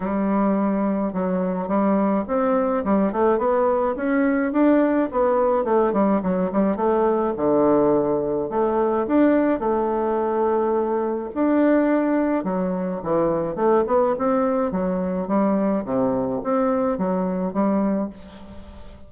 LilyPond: \new Staff \with { instrumentName = "bassoon" } { \time 4/4 \tempo 4 = 106 g2 fis4 g4 | c'4 g8 a8 b4 cis'4 | d'4 b4 a8 g8 fis8 g8 | a4 d2 a4 |
d'4 a2. | d'2 fis4 e4 | a8 b8 c'4 fis4 g4 | c4 c'4 fis4 g4 | }